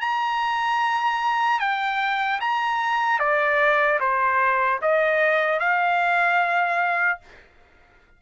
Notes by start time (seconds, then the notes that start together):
0.00 A#5
1.59 G5
2.40 A#5
3.19 D5
4.00 C5
4.81 D#5
5.59 F5